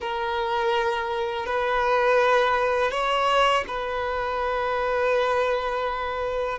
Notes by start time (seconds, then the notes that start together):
0.00 A#4
1.46 B4
2.91 C#5
3.68 B4